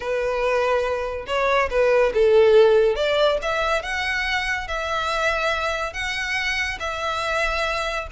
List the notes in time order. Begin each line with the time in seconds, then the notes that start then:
0.00 B4
1.26 C#5
1.70 B4
2.14 A4
2.95 D5
3.42 E5
3.82 F#5
4.67 E5
5.93 F#5
6.79 E5